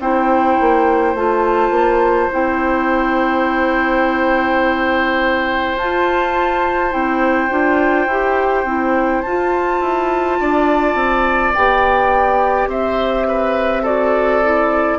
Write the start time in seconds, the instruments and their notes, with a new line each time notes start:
0.00 bassoon C4, clarinet E4, oboe C5, flute G5
0.60 bassoon A#3
1.14 bassoon A3, clarinet F4, flute A5
1.70 bassoon A#3
2.31 bassoon C4, clarinet E4, flute G5
5.76 bassoon F4, clarinet F4, flute A5
6.91 bassoon C4, clarinet E4, flute G5
7.50 bassoon D4, clarinet F4
8.07 bassoon E4, clarinet G4
8.65 bassoon C4, clarinet E4
9.22 bassoon F4, flute A5
9.28 clarinet F4
9.81 bassoon E4
10.40 bassoon D4, oboe D5
10.95 bassoon C4
11.54 bassoon B3, clarinet G4, flute G5
12.67 bassoon C4, oboe C5, flute E5
13.28 oboe B4
13.83 clarinet F#4, oboe A4, flute D5
14.43 clarinet E4